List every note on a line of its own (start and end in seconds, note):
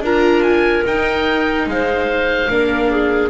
0.00 0.82 D4
0.00 0.86 F4
0.00 1.68 A#4
0.00 0.42 A#5
0.42 0.83 G#5
0.86 1.66 D#4
0.86 2.49 D#4
0.86 1.68 G5
1.66 2.49 G#3
1.66 2.51 C5
1.66 3.29 F5
2.49 3.29 A#3
2.49 3.29 D4
2.49 2.91 A#4
2.91 3.29 G#4